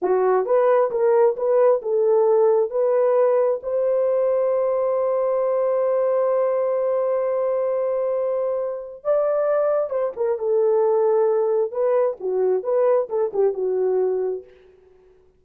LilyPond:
\new Staff \with { instrumentName = "horn" } { \time 4/4 \tempo 4 = 133 fis'4 b'4 ais'4 b'4 | a'2 b'2 | c''1~ | c''1~ |
c''1 | d''2 c''8 ais'8 a'4~ | a'2 b'4 fis'4 | b'4 a'8 g'8 fis'2 | }